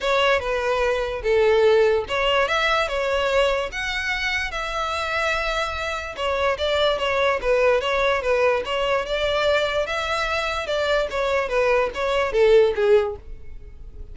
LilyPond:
\new Staff \with { instrumentName = "violin" } { \time 4/4 \tempo 4 = 146 cis''4 b'2 a'4~ | a'4 cis''4 e''4 cis''4~ | cis''4 fis''2 e''4~ | e''2. cis''4 |
d''4 cis''4 b'4 cis''4 | b'4 cis''4 d''2 | e''2 d''4 cis''4 | b'4 cis''4 a'4 gis'4 | }